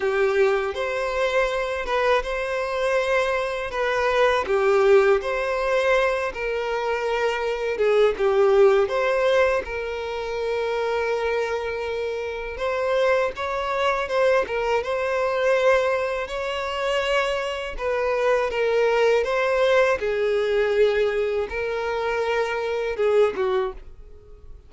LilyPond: \new Staff \with { instrumentName = "violin" } { \time 4/4 \tempo 4 = 81 g'4 c''4. b'8 c''4~ | c''4 b'4 g'4 c''4~ | c''8 ais'2 gis'8 g'4 | c''4 ais'2.~ |
ais'4 c''4 cis''4 c''8 ais'8 | c''2 cis''2 | b'4 ais'4 c''4 gis'4~ | gis'4 ais'2 gis'8 fis'8 | }